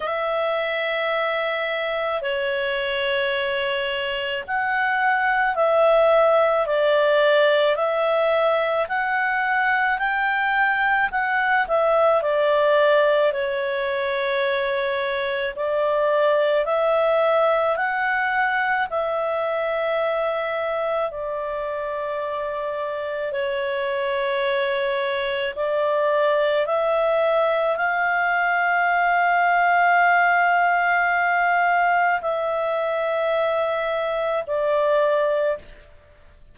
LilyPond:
\new Staff \with { instrumentName = "clarinet" } { \time 4/4 \tempo 4 = 54 e''2 cis''2 | fis''4 e''4 d''4 e''4 | fis''4 g''4 fis''8 e''8 d''4 | cis''2 d''4 e''4 |
fis''4 e''2 d''4~ | d''4 cis''2 d''4 | e''4 f''2.~ | f''4 e''2 d''4 | }